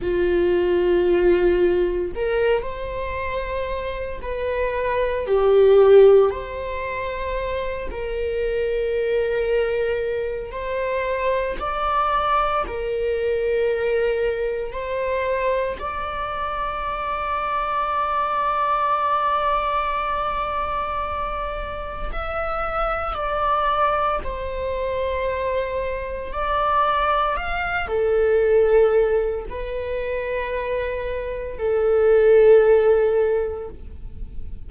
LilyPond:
\new Staff \with { instrumentName = "viola" } { \time 4/4 \tempo 4 = 57 f'2 ais'8 c''4. | b'4 g'4 c''4. ais'8~ | ais'2 c''4 d''4 | ais'2 c''4 d''4~ |
d''1~ | d''4 e''4 d''4 c''4~ | c''4 d''4 f''8 a'4. | b'2 a'2 | }